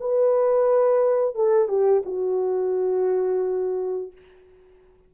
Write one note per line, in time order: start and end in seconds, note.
0.00 1.35 B4
1.35 1.68 A4
1.68 2.03 G4
2.05 4.12 F#4